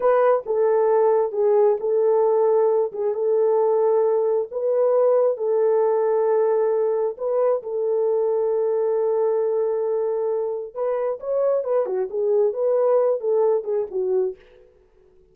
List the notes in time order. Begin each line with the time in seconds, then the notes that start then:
0.00 B4
0.46 A4
1.31 G#4
1.80 A4
2.92 G#4
3.13 A4
4.51 B4
5.37 A4
7.17 B4
7.62 A4
10.74 B4
11.19 C#5
11.64 B4
11.86 F#4
12.10 G#4
12.53 B4
13.20 A4
13.64 G#4
13.90 F#4